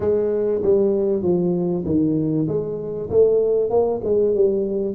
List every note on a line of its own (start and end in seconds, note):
0.00 0.62 G#3
0.62 1.22 G3
1.22 1.84 F3
1.85 2.47 D#3
2.47 3.09 G#3
3.10 3.70 A3
3.70 4.00 A#3
4.03 4.34 G#3
4.35 4.95 G3